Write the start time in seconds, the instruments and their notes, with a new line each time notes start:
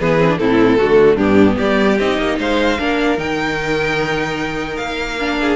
0.00 cello E3, viola B3, violin G#4 B4
0.20 viola C4
0.29 viola D4
0.38 cello A2, viola C4, violin E4 A4
0.78 cello D3, viola A3, violin F#4
1.16 cello G2, viola B3, violin D4 G4
1.57 cello G3, violin G4 D5
1.99 cello C4, viola D#4, violin D#5
2.18 cello A#3
2.39 cello G#3, violin C5 F5
2.79 cello A#3, viola D4, violin A#4
3.18 cello D#3, viola D#4, violin G5
4.77 cello A#3, violin F5
5.20 viola D4
5.40 violin G#4